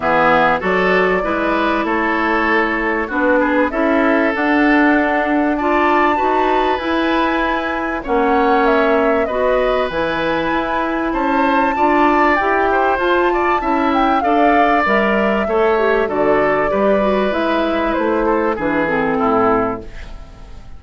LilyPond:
<<
  \new Staff \with { instrumentName = "flute" } { \time 4/4 \tempo 4 = 97 e''4 d''2 cis''4~ | cis''4 b'4 e''4 fis''4~ | fis''4 a''2 gis''4~ | gis''4 fis''4 e''4 dis''4 |
gis''2 a''2 | g''4 a''4. g''8 f''4 | e''2 d''2 | e''4 c''4 b'8 a'4. | }
  \new Staff \with { instrumentName = "oboe" } { \time 4/4 gis'4 a'4 b'4 a'4~ | a'4 fis'8 gis'8 a'2~ | a'4 d''4 b'2~ | b'4 cis''2 b'4~ |
b'2 c''4 d''4~ | d''8 c''4 d''8 e''4 d''4~ | d''4 cis''4 a'4 b'4~ | b'4. a'8 gis'4 e'4 | }
  \new Staff \with { instrumentName = "clarinet" } { \time 4/4 b4 fis'4 e'2~ | e'4 d'4 e'4 d'4~ | d'4 f'4 fis'4 e'4~ | e'4 cis'2 fis'4 |
e'2. f'4 | g'4 f'4 e'4 a'4 | ais'4 a'8 g'8 fis'4 g'8 fis'8 | e'2 d'8 c'4. | }
  \new Staff \with { instrumentName = "bassoon" } { \time 4/4 e4 fis4 gis4 a4~ | a4 b4 cis'4 d'4~ | d'2 dis'4 e'4~ | e'4 ais2 b4 |
e4 e'4 cis'4 d'4 | e'4 f'4 cis'4 d'4 | g4 a4 d4 g4 | gis4 a4 e4 a,4 | }
>>